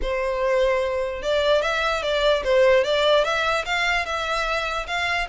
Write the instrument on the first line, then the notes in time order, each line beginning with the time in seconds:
violin
0.02 C5
1.22 D5
1.61 E5
2.02 D5
2.44 C5
2.83 D5
3.24 E5
3.65 F5
4.05 E5
4.87 F5